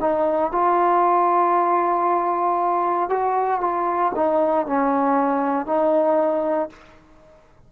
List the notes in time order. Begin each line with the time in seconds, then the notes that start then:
0.00 D#4
0.52 F4
3.09 F#4
3.60 F4
4.15 D#4
4.66 C#4
5.66 D#4